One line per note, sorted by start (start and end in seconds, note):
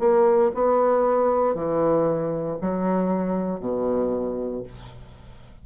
0.00 0.52 A#3
0.55 1.55 B3
1.55 2.59 E3
2.61 3.60 F#3
3.60 4.63 B2